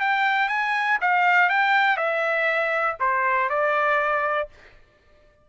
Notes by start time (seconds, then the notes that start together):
0.00 G5
0.48 G#5
1.01 F5
1.49 G5
1.97 E5
2.99 C5
3.49 D5